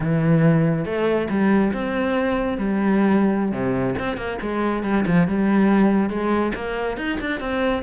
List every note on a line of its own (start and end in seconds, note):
0.00 0.85 E3
0.85 1.28 A3
1.30 1.72 G3
1.73 2.58 C4
2.58 3.51 G3
3.51 3.94 C3
3.98 4.16 C4
4.16 4.38 A#3
4.41 4.83 G#3
4.83 5.04 G3
5.06 5.27 F3
5.27 6.09 G3
6.09 6.52 G#3
6.55 6.97 A#3
6.97 7.18 D#4
7.20 7.40 D4
7.40 7.82 C4